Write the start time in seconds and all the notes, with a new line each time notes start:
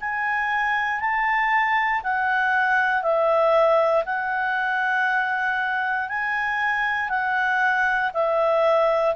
0.00 G#5
1.00 A5
2.03 F#5
3.02 E5
4.05 F#5
6.09 G#5
7.09 F#5
8.13 E5